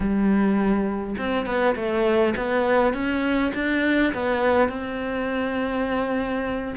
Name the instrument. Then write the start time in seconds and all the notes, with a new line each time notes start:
cello
0.00 G3
1.17 C4
1.45 B3
1.75 A3
2.37 B3
2.93 C#4
3.54 D4
4.13 B3
4.68 C4